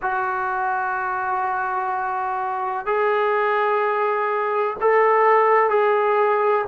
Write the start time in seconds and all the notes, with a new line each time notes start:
0.02 F#4
2.86 G#4
4.81 A4
5.69 G#4